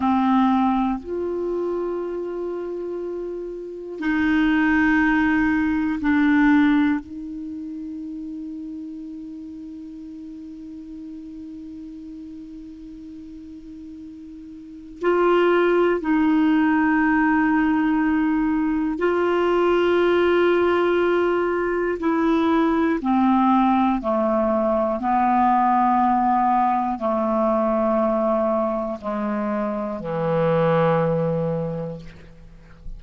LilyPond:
\new Staff \with { instrumentName = "clarinet" } { \time 4/4 \tempo 4 = 60 c'4 f'2. | dis'2 d'4 dis'4~ | dis'1~ | dis'2. f'4 |
dis'2. f'4~ | f'2 e'4 c'4 | a4 b2 a4~ | a4 gis4 e2 | }